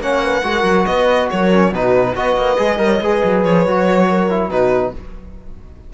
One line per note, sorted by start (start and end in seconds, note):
0.00 0.43 A#3
0.00 0.44 C#4
0.00 0.24 C#5
0.00 0.86 F#5
0.24 0.45 B4
0.43 0.64 G#3
0.43 1.51 F#4
0.43 0.88 A#4
0.64 0.85 F#3
0.86 1.31 B3
0.86 1.31 B4
0.86 1.29 D#5
1.31 1.72 F#3
1.31 1.73 A#4
1.31 1.74 C#5
1.52 1.74 C#4
1.72 2.15 B2
1.72 2.16 D#4
1.72 2.15 F#4
1.72 2.16 B4
2.15 2.37 B3
2.15 2.58 F#4
2.15 2.80 B4
2.15 3.44 D#5
2.37 2.58 A#3
2.58 2.79 G#3
2.58 2.78 G#4
2.78 3.01 G3
2.78 3.00 A#4
2.78 3.02 C#5
3.01 3.22 G#3
3.01 3.68 G#4
3.01 4.09 B4
3.24 3.45 F#3
3.44 3.67 F3
3.44 4.51 C#5
3.67 4.50 F#3
3.67 4.30 F#4
4.09 4.51 A#4
4.30 4.51 E4
4.50 4.93 B2
4.50 4.94 D#4
4.50 4.94 F#4
4.50 4.93 B4